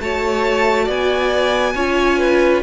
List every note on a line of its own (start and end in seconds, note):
0.00 0.88 A3
0.00 1.77 F#4
0.00 0.85 C#5
0.00 0.89 A5
0.85 1.75 B3
0.85 1.73 D5
0.85 2.63 G#5
1.74 2.63 C#4
1.74 2.63 F4
1.74 2.18 C#5
2.18 2.62 B4